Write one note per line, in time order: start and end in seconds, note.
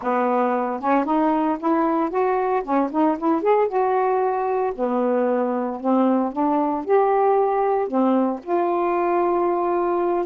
0.01 0.80 B3
0.80 1.04 C#4
1.04 1.57 D#4
1.59 2.09 E4
2.09 2.62 F#4
2.63 2.89 C#4
2.91 3.17 D#4
3.18 3.42 E4
3.42 3.67 G#4
3.67 4.73 F#4
4.75 5.80 B3
5.80 6.32 C4
6.32 6.84 D4
6.84 7.87 G4
7.87 8.40 C4
8.43 10.26 F4